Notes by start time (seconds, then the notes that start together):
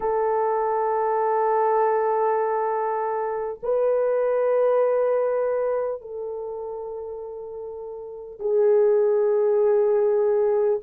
0.00 A4
3.63 B4
6.01 A4
8.39 G#4